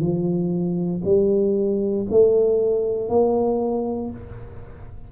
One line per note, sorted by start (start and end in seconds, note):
0.00 1.02 F3
1.04 2.06 G3
2.10 3.09 A3
3.09 4.10 A#3